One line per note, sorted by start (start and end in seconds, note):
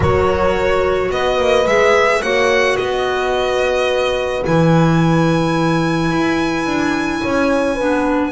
0.00 1.09 F#3
0.00 1.65 F#4
0.00 1.10 A#4
0.00 1.11 C#5
1.10 1.37 B3
1.10 2.22 B4
1.10 1.67 D#5
1.37 1.65 A#3
1.66 2.21 G#3
1.66 2.22 G#4
1.66 2.21 E5
2.21 2.78 A#3
2.21 4.43 F#4
2.21 2.77 C#5
2.21 2.76 F#5
2.76 4.45 B3
2.76 7.21 B4
2.76 4.43 D#5
4.43 6.10 E3
4.43 7.76 E4
4.43 8.31 G#5
6.10 6.66 E4
6.66 7.21 D4
7.21 7.80 C#4
7.21 7.74 C#5
7.74 8.31 B3
7.74 8.31 D4
7.74 8.30 B4